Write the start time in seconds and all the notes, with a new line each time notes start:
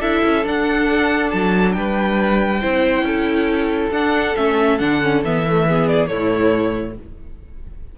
0.00 D4 E4 A4 E5
0.24 C#4
0.44 D4 F#5
1.30 F#3 A5
1.72 G3 B4 G5
2.61 C4 E4 C5
3.02 C#4 A4
3.91 D4 F#5
4.36 A3 C#4 E5
4.79 D3 D4 F#5
5.02 C#4
5.24 E3 B3 E5
5.47 A3
5.67 B3 G#4
5.88 D5
6.08 A2 A3 E4 C#5